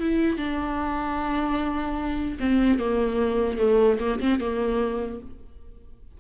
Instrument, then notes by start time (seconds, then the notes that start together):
viola
0.00 E4
0.37 D4
2.40 C4
2.79 A#3
3.58 A3
3.99 A#3
4.20 C4
4.40 A#3